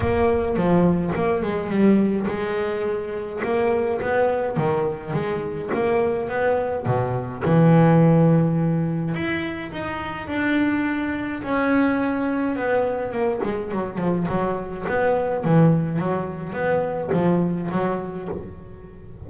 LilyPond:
\new Staff \with { instrumentName = "double bass" } { \time 4/4 \tempo 4 = 105 ais4 f4 ais8 gis8 g4 | gis2 ais4 b4 | dis4 gis4 ais4 b4 | b,4 e2. |
e'4 dis'4 d'2 | cis'2 b4 ais8 gis8 | fis8 f8 fis4 b4 e4 | fis4 b4 f4 fis4 | }